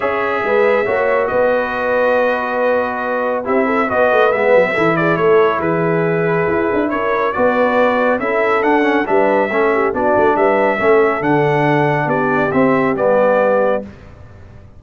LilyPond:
<<
  \new Staff \with { instrumentName = "trumpet" } { \time 4/4 \tempo 4 = 139 e''2. dis''4~ | dis''1 | e''4 dis''4 e''4. d''8 | cis''4 b'2. |
cis''4 d''2 e''4 | fis''4 e''2 d''4 | e''2 fis''2 | d''4 e''4 d''2 | }
  \new Staff \with { instrumentName = "horn" } { \time 4/4 cis''4 b'4 cis''4 b'4~ | b'1 | g'8 a'8 b'2 a'8 gis'8 | a'4 gis'2. |
ais'4 b'2 a'4~ | a'4 b'4 a'8 g'8 fis'4 | b'4 a'2. | g'1 | }
  \new Staff \with { instrumentName = "trombone" } { \time 4/4 gis'2 fis'2~ | fis'1 | e'4 fis'4 b4 e'4~ | e'1~ |
e'4 fis'2 e'4 | d'8 cis'8 d'4 cis'4 d'4~ | d'4 cis'4 d'2~ | d'4 c'4 b2 | }
  \new Staff \with { instrumentName = "tuba" } { \time 4/4 cis'4 gis4 ais4 b4~ | b1 | c'4 b8 a8 gis8 fis8 e4 | a4 e2 e'8 d'8 |
cis'4 b2 cis'4 | d'4 g4 a4 b8 a8 | g4 a4 d2 | b4 c'4 g2 | }
>>